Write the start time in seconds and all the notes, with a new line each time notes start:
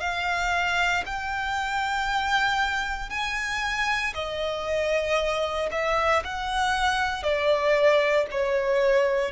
0.00 F5
1.05 G5
3.10 G#5
4.14 D#5
5.71 E5
6.24 F#5
7.23 D5
8.31 C#5